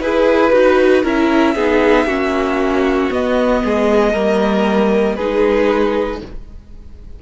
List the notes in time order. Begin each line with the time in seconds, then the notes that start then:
0.00 E4 G#4 B4
0.52 D#4 F#4
1.02 C#4 E4 A#4 E5
1.55 B3 D#4 G#4
2.06 A#3 C#4 F#4
3.11 B3 D#5
3.64 G#3 G#4
4.12 G3 A#3 A#4
5.15 G#3 D#4 G#4 B4